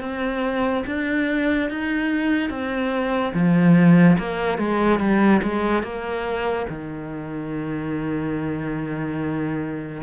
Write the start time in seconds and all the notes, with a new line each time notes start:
0.00 C4
0.86 D4
1.70 D#4
2.49 C4
3.34 F3
4.18 A#3
4.58 G#3
4.99 G3
5.42 G#3
5.83 A#3
6.69 D#3